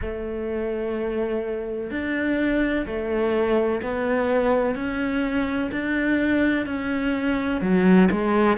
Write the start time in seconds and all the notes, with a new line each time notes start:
0.01 A3
1.90 D4
2.86 A3
3.82 B3
4.74 C#4
5.71 D4
6.65 C#4
7.61 F#3
8.11 G#3